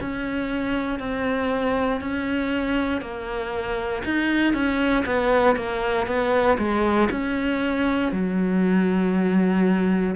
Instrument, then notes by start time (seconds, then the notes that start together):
cello
0.00 C#4
0.99 C4
2.01 C#4
3.01 A#3
4.04 D#4
4.53 C#4
5.05 B3
5.56 A#3
6.06 B3
6.58 G#3
7.10 C#4
8.12 F#3